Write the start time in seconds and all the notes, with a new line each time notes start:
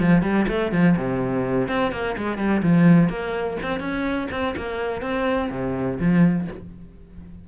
0.00 F3
0.22 G3
0.48 A3
0.72 F3
0.97 C3
1.68 C4
1.92 A#3
2.17 G#3
2.38 G3
2.63 F3
3.09 A#3
3.63 C4
3.80 C#4
4.31 C4
4.57 A#3
5.02 C4
5.51 C3
6.00 F3